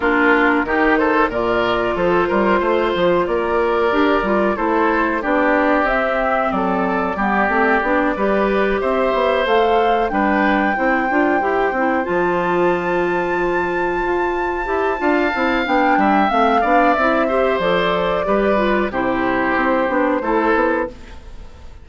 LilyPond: <<
  \new Staff \with { instrumentName = "flute" } { \time 4/4 \tempo 4 = 92 ais'4. c''8 d''4 c''4~ | c''4 d''2 c''4 | d''4 e''4 d''2~ | d''4. e''4 f''4 g''8~ |
g''2~ g''8 a''4.~ | a''1 | g''4 f''4 e''4 d''4~ | d''4 c''2. | }
  \new Staff \with { instrumentName = "oboe" } { \time 4/4 f'4 g'8 a'8 ais'4 a'8 ais'8 | c''4 ais'2 a'4 | g'2 a'4 g'4~ | g'8 b'4 c''2 b'8~ |
b'8 c''2.~ c''8~ | c''2. f''4~ | f''8 e''4 d''4 c''4. | b'4 g'2 a'4 | }
  \new Staff \with { instrumentName = "clarinet" } { \time 4/4 d'4 dis'4 f'2~ | f'2 g'8 f'8 e'4 | d'4 c'2 b8 c'8 | d'8 g'2 a'4 d'8~ |
d'8 e'8 f'8 g'8 e'8 f'4.~ | f'2~ f'8 g'8 f'8 e'8 | d'4 c'8 d'8 e'8 g'8 a'4 | g'8 f'8 e'4. d'8 e'4 | }
  \new Staff \with { instrumentName = "bassoon" } { \time 4/4 ais4 dis4 ais,4 f8 g8 | a8 f8 ais4 d'8 g8 a4 | b4 c'4 fis4 g8 a8 | b8 g4 c'8 b8 a4 g8~ |
g8 c'8 d'8 e'8 c'8 f4.~ | f4. f'4 e'8 d'8 c'8 | b8 g8 a8 b8 c'4 f4 | g4 c4 c'8 b8 a8 b8 | }
>>